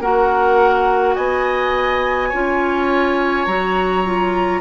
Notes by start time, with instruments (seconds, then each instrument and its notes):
0.00 bassoon A#3, clarinet F#4, oboe A#4, flute F#5
1.15 bassoon B3, oboe D#5, flute G#5
2.29 bassoon C#4, clarinet F4, oboe C#5
3.46 bassoon F#3, clarinet F#4, flute A#5
4.05 clarinet F4